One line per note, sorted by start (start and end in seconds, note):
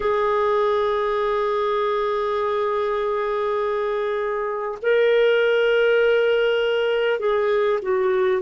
0.00 4.78 G#4
4.82 7.19 A#4
7.19 7.79 G#4
7.82 8.42 F#4